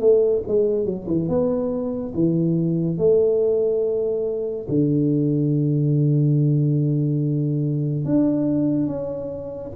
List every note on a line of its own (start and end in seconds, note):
0.00 0.43 A3
0.48 0.85 G#3
0.85 1.06 F#3
1.08 1.29 E3
1.29 2.13 B3
2.14 2.98 E3
2.98 4.67 A3
4.69 8.05 D3
8.05 8.87 D4
8.87 9.72 C#4